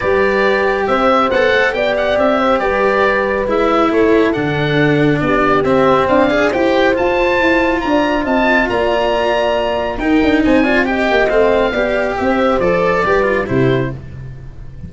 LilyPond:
<<
  \new Staff \with { instrumentName = "oboe" } { \time 4/4 \tempo 4 = 138 d''2 e''4 fis''4 | g''8 fis''8 e''4 d''2 | e''4 cis''4 fis''2 | d''4 e''4 f''4 g''4 |
a''2 ais''4 a''4 | ais''2. g''4 | gis''4 g''4 f''2 | e''4 d''2 c''4 | }
  \new Staff \with { instrumentName = "horn" } { \time 4/4 b'2 c''2 | d''4. c''8 b'2~ | b'4 a'2. | g'2 d''4 c''4~ |
c''2 d''4 dis''4 | d''2. ais'4 | c''8 d''8 dis''2 d''4 | c''2 b'4 g'4 | }
  \new Staff \with { instrumentName = "cello" } { \time 4/4 g'2. a'4 | g'1 | e'2 d'2~ | d'4 c'4. gis'8 g'4 |
f'1~ | f'2. dis'4~ | dis'8 f'8 g'4 c'4 g'4~ | g'4 a'4 g'8 f'8 e'4 | }
  \new Staff \with { instrumentName = "tuba" } { \time 4/4 g2 c'4 b8 a8 | b4 c'4 g2 | gis4 a4 d2 | b4 c'4 d'4 e'4 |
f'4 e'4 d'4 c'4 | ais2. dis'8 d'8 | c'4. ais8 a4 b4 | c'4 f4 g4 c4 | }
>>